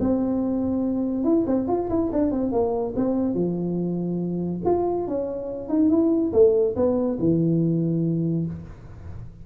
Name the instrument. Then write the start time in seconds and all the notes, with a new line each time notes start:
tuba
0.00 C4
1.24 E4
1.47 C4
1.67 F4
1.89 E4
2.12 D4
2.31 C4
2.52 A#3
2.96 C4
3.34 F3
4.65 F4
5.07 C#4
5.69 D#4
5.90 E4
6.33 A3
6.76 B3
7.19 E3